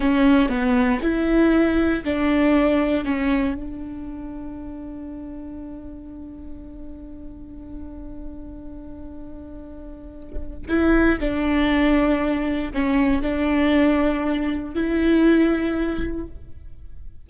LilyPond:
\new Staff \with { instrumentName = "viola" } { \time 4/4 \tempo 4 = 118 cis'4 b4 e'2 | d'2 cis'4 d'4~ | d'1~ | d'1~ |
d'1~ | d'4 e'4 d'2~ | d'4 cis'4 d'2~ | d'4 e'2. | }